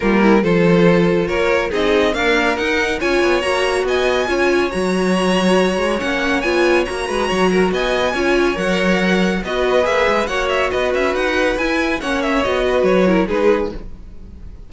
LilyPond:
<<
  \new Staff \with { instrumentName = "violin" } { \time 4/4 \tempo 4 = 140 ais'4 c''2 cis''4 | dis''4 f''4 fis''4 gis''4 | ais''4 gis''2 ais''4~ | ais''2 fis''4 gis''4 |
ais''2 gis''2 | fis''2 dis''4 e''4 | fis''8 e''8 dis''8 e''8 fis''4 gis''4 | fis''8 e''8 dis''4 cis''4 b'4 | }
  \new Staff \with { instrumentName = "violin" } { \time 4/4 f'8 e'8 a'2 ais'4 | gis'4 ais'2 cis''4~ | cis''4 dis''4 cis''2~ | cis''1~ |
cis''8 b'8 cis''8 ais'8 dis''4 cis''4~ | cis''2 b'2 | cis''4 b'2. | cis''4. b'4 ais'8 gis'4 | }
  \new Staff \with { instrumentName = "viola" } { \time 4/4 ais4 f'2. | dis'4 ais4 dis'4 f'4 | fis'2 f'4 fis'4~ | fis'2 cis'4 f'4 |
fis'2. f'4 | ais'2 fis'4 gis'4 | fis'2. e'4 | cis'4 fis'4. e'8 dis'4 | }
  \new Staff \with { instrumentName = "cello" } { \time 4/4 g4 f2 ais4 | c'4 d'4 dis'4 cis'8 b8 | ais4 b4 cis'4 fis4~ | fis4. gis8 ais4 b4 |
ais8 gis8 fis4 b4 cis'4 | fis2 b4 ais8 gis8 | ais4 b8 cis'8 dis'4 e'4 | ais4 b4 fis4 gis4 | }
>>